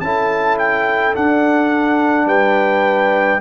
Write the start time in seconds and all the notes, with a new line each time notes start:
0.00 C#4 E4 A4 A5
0.58 G5
1.13 D4 F#5
2.25 G3 B4 G5